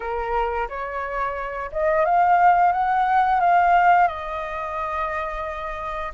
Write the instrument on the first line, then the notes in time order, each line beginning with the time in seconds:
flute
0.00 A#4
0.68 C#5
1.72 D#5
2.05 F5
2.72 F#5
3.40 F5
4.07 D#5